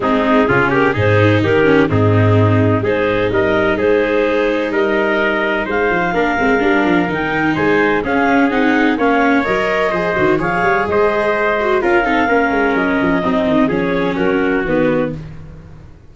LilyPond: <<
  \new Staff \with { instrumentName = "clarinet" } { \time 4/4 \tempo 4 = 127 gis'4. ais'8 c''4 ais'4 | gis'2 c''4 dis''4 | c''2 dis''2 | f''2. g''4 |
gis''4 f''4 fis''4 f''4 | dis''2 f''4 dis''4~ | dis''4 f''2 dis''4~ | dis''4 cis''4 ais'4 b'4 | }
  \new Staff \with { instrumentName = "trumpet" } { \time 4/4 dis'4 f'8 g'8 gis'4 g'4 | dis'2 gis'4 ais'4 | gis'2 ais'2 | c''4 ais'2. |
c''4 gis'2 cis''4~ | cis''4 c''4 cis''4 c''4~ | c''4 ais'8 a'8 ais'2 | dis'4 gis'4 fis'2 | }
  \new Staff \with { instrumentName = "viola" } { \time 4/4 c'4 cis'4 dis'4. cis'8 | c'2 dis'2~ | dis'1~ | dis'4 d'8 c'8 d'4 dis'4~ |
dis'4 cis'4 dis'4 cis'4 | ais'4 gis'8 fis'8 gis'2~ | gis'8 fis'8 f'8 dis'8 cis'2 | c'4 cis'2 b4 | }
  \new Staff \with { instrumentName = "tuba" } { \time 4/4 gis4 cis4 gis,4 dis4 | gis,2 gis4 g4 | gis2 g2 | gis8 f8 ais8 gis8 g8 f8 dis4 |
gis4 cis'4 c'4 ais4 | fis4 f8 dis8 f8 g8 gis4~ | gis4 cis'8 c'8 ais8 gis8 fis8 f8 | fis8 dis8 f4 fis4 dis4 | }
>>